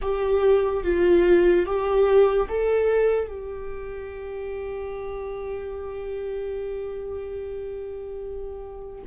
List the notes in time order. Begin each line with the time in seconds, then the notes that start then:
0.01 G4
0.83 F4
1.66 G4
2.48 A4
3.27 G4